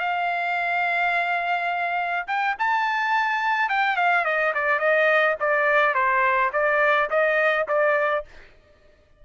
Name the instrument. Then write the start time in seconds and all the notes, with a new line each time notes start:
trumpet
0.00 F5
2.27 G5
2.59 A5
3.69 G5
3.96 F5
4.25 D#5
4.54 D5
4.79 D#5
5.40 D5
5.94 C5
6.53 D5
7.10 D#5
7.68 D5